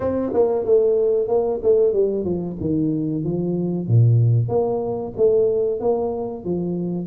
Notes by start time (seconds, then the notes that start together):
0.00 C4
0.33 A#3
0.65 A3
1.28 A#3
1.62 A3
1.93 G3
2.24 F3
2.60 D#3
3.23 F3
3.87 A#2
4.48 A#3
5.16 A3
5.79 A#3
6.44 F3